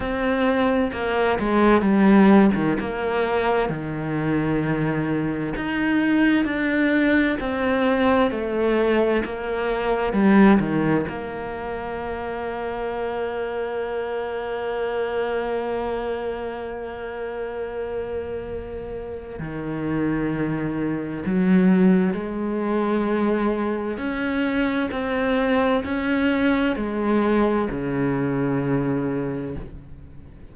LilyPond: \new Staff \with { instrumentName = "cello" } { \time 4/4 \tempo 4 = 65 c'4 ais8 gis8 g8. dis16 ais4 | dis2 dis'4 d'4 | c'4 a4 ais4 g8 dis8 | ais1~ |
ais1~ | ais4 dis2 fis4 | gis2 cis'4 c'4 | cis'4 gis4 cis2 | }